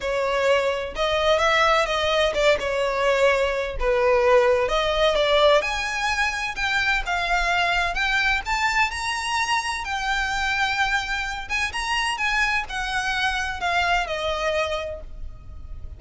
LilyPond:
\new Staff \with { instrumentName = "violin" } { \time 4/4 \tempo 4 = 128 cis''2 dis''4 e''4 | dis''4 d''8 cis''2~ cis''8 | b'2 dis''4 d''4 | gis''2 g''4 f''4~ |
f''4 g''4 a''4 ais''4~ | ais''4 g''2.~ | g''8 gis''8 ais''4 gis''4 fis''4~ | fis''4 f''4 dis''2 | }